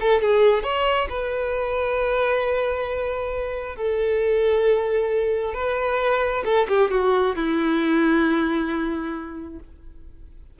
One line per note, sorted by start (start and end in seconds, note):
0.00 0.21 A4
0.21 0.63 G#4
0.63 1.07 C#5
1.09 3.76 B4
3.76 5.54 A4
5.54 6.43 B4
6.44 6.67 A4
6.68 6.90 G4
6.90 7.35 F#4
7.35 9.59 E4